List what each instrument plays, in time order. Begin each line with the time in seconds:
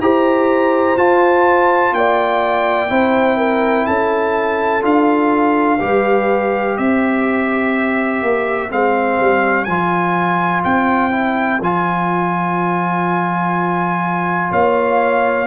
0.00 tuba E4, trombone G4, horn C5, trumpet A#5
0.96 trombone F4, tuba F4, trumpet A5
1.93 tuba A#3, horn D5, trumpet G5
2.89 tuba C4, trombone E4, horn C5
3.37 horn A#4
3.86 tuba C#4, horn A4, trumpet A5
4.82 tuba D4, trombone F4, trumpet F5
5.80 tuba G3, trombone G4, horn B4
6.77 tuba C4, horn C5, trumpet E5
8.22 tuba A#3
8.70 tuba G#3, trombone C4, trumpet F5
9.20 tuba G3
9.65 tuba F3, trombone F4, trumpet G#5
10.64 tuba C4, trumpet G5
11.11 trombone E4
11.60 tuba F3, trombone F4, trumpet G#5
14.51 tuba A#3, horn C#5, trumpet F5